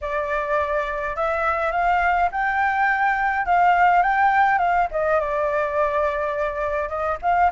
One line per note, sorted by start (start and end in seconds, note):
0.01 1.16 D5
1.16 1.72 E5
1.72 2.29 F5
2.31 3.45 G5
3.45 4.02 F5
4.02 4.58 G5
4.58 4.87 F5
4.91 5.19 D#5
5.19 6.88 D5
6.88 7.17 D#5
7.21 7.50 F5